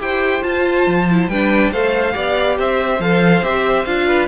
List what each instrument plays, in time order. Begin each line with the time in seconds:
0.00 cello E4, viola G4, violin C5 G5
0.42 viola F4, cello F4, violin A5
0.87 cello F3
1.10 viola E4
1.28 cello G3, viola D4, violin B4 G5
1.72 cello A3, viola A4, violin C5 F5
2.13 cello B3, viola G4, violin D5
2.59 cello C4, violin C5 E5
3.00 cello F3, viola A4, violin F5
3.43 cello C4, viola G4, violin E5
3.85 cello D4, viola F4, violin F5
4.08 violin B4